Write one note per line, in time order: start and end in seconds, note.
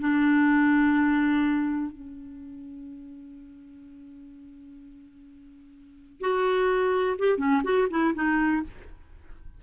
0.00 1.92 D4
1.92 6.21 C#4
6.21 7.17 F#4
7.19 7.38 G4
7.38 7.62 C#4
7.64 7.88 F#4
7.90 8.14 E4
8.15 8.63 D#4